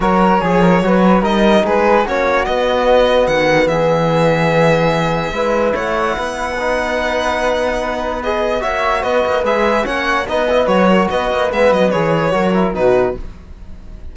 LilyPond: <<
  \new Staff \with { instrumentName = "violin" } { \time 4/4 \tempo 4 = 146 cis''2. dis''4 | b'4 cis''4 dis''2 | fis''4 e''2.~ | e''2 fis''2~ |
fis''1 | dis''4 e''4 dis''4 e''4 | fis''4 dis''4 cis''4 dis''4 | e''8 dis''8 cis''2 b'4 | }
  \new Staff \with { instrumentName = "flute" } { \time 4/4 ais'4 gis'8 ais'8 b'4 ais'4 | gis'4 fis'2.~ | fis'4 gis'2.~ | gis'4 b'4 cis''4 b'4~ |
b'1~ | b'4 cis''4 b'2 | cis''4 b'4. ais'8 b'4~ | b'2 ais'4 fis'4 | }
  \new Staff \with { instrumentName = "trombone" } { \time 4/4 fis'4 gis'4 fis'4 dis'4~ | dis'4 cis'4 b2~ | b1~ | b4 e'2. |
dis'1 | gis'4 fis'2 gis'4 | cis'4 dis'8 e'8 fis'2 | b4 gis'4 fis'8 e'8 dis'4 | }
  \new Staff \with { instrumentName = "cello" } { \time 4/4 fis4 f4 fis4 g4 | gis4 ais4 b2 | dis4 e2.~ | e4 gis4 a4 b4~ |
b1~ | b4 ais4 b8 ais8 gis4 | ais4 b4 fis4 b8 ais8 | gis8 fis8 e4 fis4 b,4 | }
>>